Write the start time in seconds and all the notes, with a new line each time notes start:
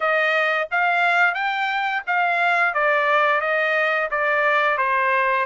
0.00 D#5
0.71 F5
1.34 G5
2.06 F5
2.73 D5
3.41 D#5
4.10 D5
4.77 C5